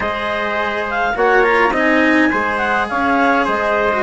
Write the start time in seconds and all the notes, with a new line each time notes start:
0.00 G#3 G#4 C5 D#5
0.89 F5
1.14 A#3 F#4 C#5 F#5
1.42 F4 A#5
1.70 C4 D#4 D#5
1.78 G#5
2.30 G#3 G#4 C5
2.57 F#5
2.88 C#4 C#5 F5
3.45 G#3 C5 D#5
3.92 F#4